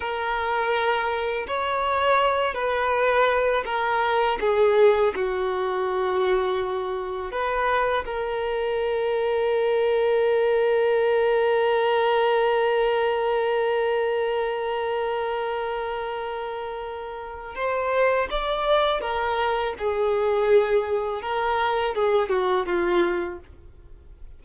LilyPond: \new Staff \with { instrumentName = "violin" } { \time 4/4 \tempo 4 = 82 ais'2 cis''4. b'8~ | b'4 ais'4 gis'4 fis'4~ | fis'2 b'4 ais'4~ | ais'1~ |
ais'1~ | ais'1 | c''4 d''4 ais'4 gis'4~ | gis'4 ais'4 gis'8 fis'8 f'4 | }